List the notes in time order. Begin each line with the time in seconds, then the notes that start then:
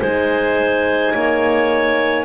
0.00 G#3 D#4 C5 G#5
1.14 A#3 C#5